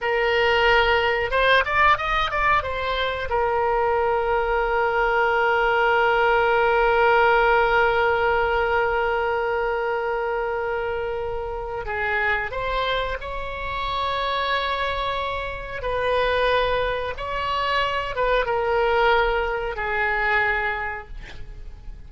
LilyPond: \new Staff \with { instrumentName = "oboe" } { \time 4/4 \tempo 4 = 91 ais'2 c''8 d''8 dis''8 d''8 | c''4 ais'2.~ | ais'1~ | ais'1~ |
ais'2 gis'4 c''4 | cis''1 | b'2 cis''4. b'8 | ais'2 gis'2 | }